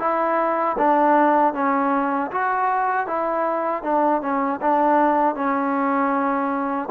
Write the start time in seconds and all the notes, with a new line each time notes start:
0.00 E4
0.79 D4
1.54 C#4
2.32 F#4
3.07 E4
3.83 D4
4.22 C#4
4.62 D4
5.35 C#4